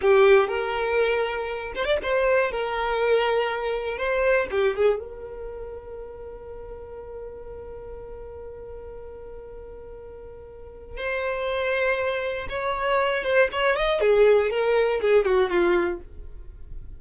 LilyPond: \new Staff \with { instrumentName = "violin" } { \time 4/4 \tempo 4 = 120 g'4 ais'2~ ais'8 c''16 d''16 | c''4 ais'2. | c''4 g'8 gis'8 ais'2~ | ais'1~ |
ais'1~ | ais'2 c''2~ | c''4 cis''4. c''8 cis''8 dis''8 | gis'4 ais'4 gis'8 fis'8 f'4 | }